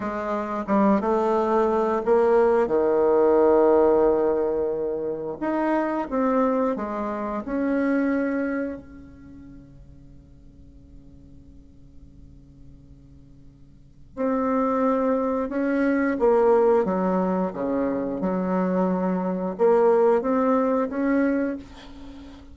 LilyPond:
\new Staff \with { instrumentName = "bassoon" } { \time 4/4 \tempo 4 = 89 gis4 g8 a4. ais4 | dis1 | dis'4 c'4 gis4 cis'4~ | cis'4 cis2.~ |
cis1~ | cis4 c'2 cis'4 | ais4 fis4 cis4 fis4~ | fis4 ais4 c'4 cis'4 | }